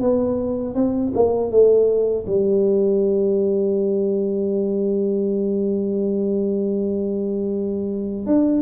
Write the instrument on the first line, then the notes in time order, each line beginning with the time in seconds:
tuba
0.00 B3
0.74 C4
1.14 A#3
1.50 A3
2.26 G3
8.26 D4